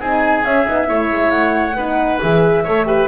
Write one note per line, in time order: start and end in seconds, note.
0.00 0.44 C4
0.00 0.45 D#4
0.00 0.89 G#4
0.00 0.45 G#5
0.45 0.67 C#4
0.45 1.31 E5
0.68 0.90 B3
0.68 0.85 D#4
0.85 1.12 A3
0.85 1.73 E4
0.85 1.77 C#5
1.12 1.32 G#3
1.31 1.76 A3
1.31 2.19 F#5
1.76 2.20 B3
1.76 2.22 D#4
1.76 2.64 B4
2.22 2.67 E3
2.22 2.66 G#4
2.22 3.08 E5
2.64 3.08 A3
2.64 2.86 A4
2.64 2.86 C#5
2.86 3.08 G4
2.86 3.08 B4